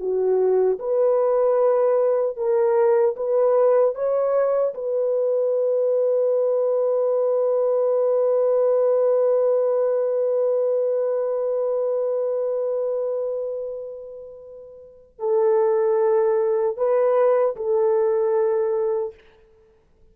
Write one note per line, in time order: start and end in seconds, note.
0.00 0.79 F#4
0.80 2.37 B4
2.37 3.16 A#4
3.17 3.95 B4
3.95 4.74 C#5
4.74 15.19 B4
15.19 16.77 A4
16.77 17.56 B4
17.57 19.14 A4